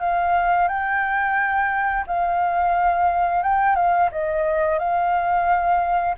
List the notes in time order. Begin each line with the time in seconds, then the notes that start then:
0.00 F5
0.68 G5
2.07 F5
3.43 G5
3.76 F5
4.12 D#5
4.79 F5